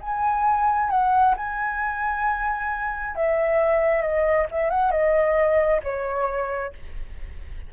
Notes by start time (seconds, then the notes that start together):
0.00 G#5
0.90 F#5
1.36 G#5
3.15 E5
4.01 D#5
4.51 E5
4.69 F#5
4.91 D#5
5.83 C#5